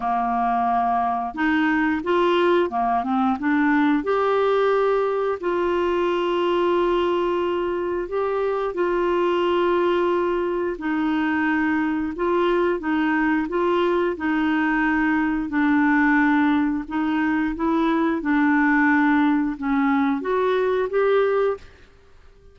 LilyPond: \new Staff \with { instrumentName = "clarinet" } { \time 4/4 \tempo 4 = 89 ais2 dis'4 f'4 | ais8 c'8 d'4 g'2 | f'1 | g'4 f'2. |
dis'2 f'4 dis'4 | f'4 dis'2 d'4~ | d'4 dis'4 e'4 d'4~ | d'4 cis'4 fis'4 g'4 | }